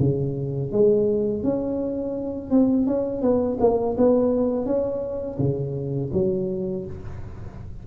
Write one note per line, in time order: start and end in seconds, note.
0.00 0.72 C#3
0.72 1.44 G#3
1.44 2.51 C#4
2.51 2.87 C4
2.87 3.22 C#4
3.22 3.58 B3
3.61 3.97 A#3
3.98 4.66 B3
4.66 5.39 C#4
5.39 6.11 C#3
6.13 6.86 F#3